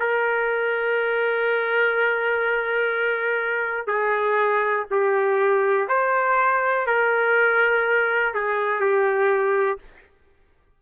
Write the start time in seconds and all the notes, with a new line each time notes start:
0.00 A#4
3.88 G#4
4.91 G4
5.88 C5
6.87 A#4
8.35 G#4
8.81 G4